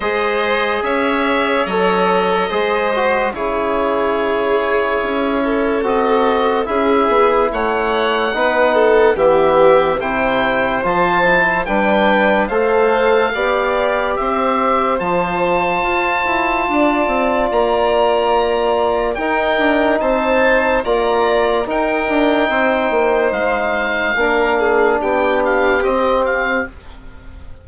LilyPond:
<<
  \new Staff \with { instrumentName = "oboe" } { \time 4/4 \tempo 4 = 72 dis''4 e''4 dis''2 | cis''2. dis''4 | e''4 fis''2 e''4 | g''4 a''4 g''4 f''4~ |
f''4 e''4 a''2~ | a''4 ais''2 g''4 | a''4 ais''4 g''2 | f''2 g''8 f''8 dis''8 f''8 | }
  \new Staff \with { instrumentName = "violin" } { \time 4/4 c''4 cis''2 c''4 | gis'2~ gis'8 a'4. | gis'4 cis''4 b'8 a'8 g'4 | c''2 b'4 c''4 |
d''4 c''2. | d''2. ais'4 | c''4 d''4 ais'4 c''4~ | c''4 ais'8 gis'8 g'2 | }
  \new Staff \with { instrumentName = "trombone" } { \time 4/4 gis'2 a'4 gis'8 fis'8 | e'2. fis'4 | e'2 dis'4 b4 | e'4 f'8 e'8 d'4 a'4 |
g'2 f'2~ | f'2. dis'4~ | dis'4 f'4 dis'2~ | dis'4 d'2 c'4 | }
  \new Staff \with { instrumentName = "bassoon" } { \time 4/4 gis4 cis'4 fis4 gis4 | cis2 cis'4 c'4 | cis'8 b8 a4 b4 e4 | c4 f4 g4 a4 |
b4 c'4 f4 f'8 e'8 | d'8 c'8 ais2 dis'8 d'8 | c'4 ais4 dis'8 d'8 c'8 ais8 | gis4 ais4 b4 c'4 | }
>>